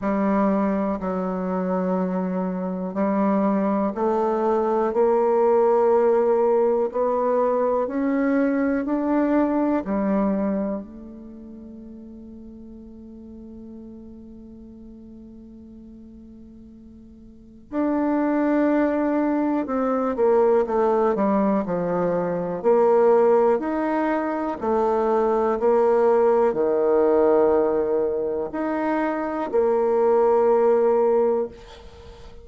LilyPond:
\new Staff \with { instrumentName = "bassoon" } { \time 4/4 \tempo 4 = 61 g4 fis2 g4 | a4 ais2 b4 | cis'4 d'4 g4 a4~ | a1~ |
a2 d'2 | c'8 ais8 a8 g8 f4 ais4 | dis'4 a4 ais4 dis4~ | dis4 dis'4 ais2 | }